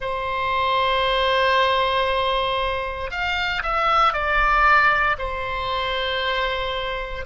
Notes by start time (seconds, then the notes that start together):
0.00 C5
3.10 F5
3.62 E5
4.13 D5
5.18 C5